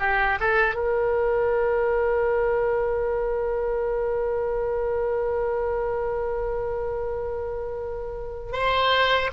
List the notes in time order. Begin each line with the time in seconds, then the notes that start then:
0.00 G4
0.40 A4
0.75 A#4
8.53 C5